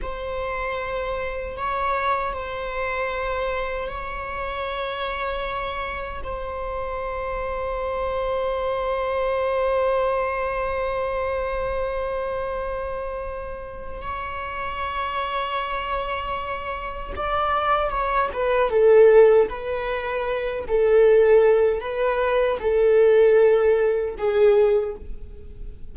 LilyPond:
\new Staff \with { instrumentName = "viola" } { \time 4/4 \tempo 4 = 77 c''2 cis''4 c''4~ | c''4 cis''2. | c''1~ | c''1~ |
c''2 cis''2~ | cis''2 d''4 cis''8 b'8 | a'4 b'4. a'4. | b'4 a'2 gis'4 | }